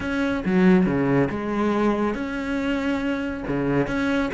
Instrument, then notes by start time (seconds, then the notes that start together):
cello
0.00 C#4
0.45 F#3
0.85 C#3
1.29 G#3
2.14 C#4
3.47 C#3
3.87 C#4